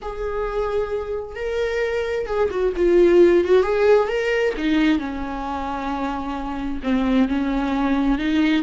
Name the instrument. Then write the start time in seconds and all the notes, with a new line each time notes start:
viola
0.01 G#4
1.35 A#4
2.26 G#4
2.50 F#4
2.76 F4
3.44 F#4
3.62 G#4
4.08 A#4
4.57 D#4
4.98 C#4
6.83 C4
7.28 C#4
8.18 D#4